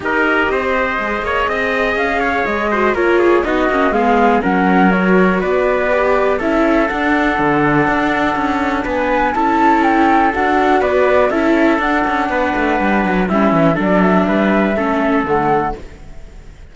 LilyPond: <<
  \new Staff \with { instrumentName = "flute" } { \time 4/4 \tempo 4 = 122 dis''1 | f''4 dis''4 cis''4 dis''4 | f''4 fis''4 cis''4 d''4~ | d''4 e''4 fis''2~ |
fis''2 gis''4 a''4 | g''4 fis''4 d''4 e''4 | fis''2. e''4 | d''8 e''2~ e''8 fis''4 | }
  \new Staff \with { instrumentName = "trumpet" } { \time 4/4 ais'4 c''4. cis''8 dis''4~ | dis''8 cis''4 c''8 ais'8 gis'8 fis'4 | gis'4 ais'2 b'4~ | b'4 a'2.~ |
a'2 b'4 a'4~ | a'2 b'4 a'4~ | a'4 b'2 e'4 | a'4 b'4 a'2 | }
  \new Staff \with { instrumentName = "viola" } { \time 4/4 g'2 gis'2~ | gis'4. fis'8 f'4 dis'8 cis'8 | b4 cis'4 fis'2 | g'4 e'4 d'2~ |
d'2. e'4~ | e'4 fis'2 e'4 | d'2. cis'4 | d'2 cis'4 a4 | }
  \new Staff \with { instrumentName = "cello" } { \time 4/4 dis'4 c'4 gis8 ais8 c'4 | cis'4 gis4 ais4 b8 ais8 | gis4 fis2 b4~ | b4 cis'4 d'4 d4 |
d'4 cis'4 b4 cis'4~ | cis'4 d'4 b4 cis'4 | d'8 cis'8 b8 a8 g8 fis8 g8 e8 | fis4 g4 a4 d4 | }
>>